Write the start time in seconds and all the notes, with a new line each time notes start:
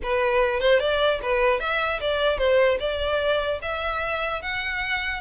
0.02 B4
0.60 C5
0.79 D5
1.22 B4
1.59 E5
2.00 D5
2.38 C5
2.79 D5
3.61 E5
4.41 F#5